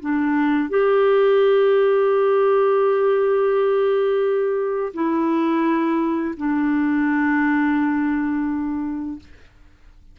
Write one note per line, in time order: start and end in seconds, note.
0.00 0.69 D4
0.69 4.93 G4
4.94 6.35 E4
6.37 9.19 D4